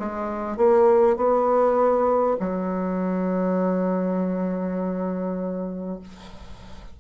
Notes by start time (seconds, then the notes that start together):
0.00 G#3
0.57 A#3
1.17 B3
2.41 F#3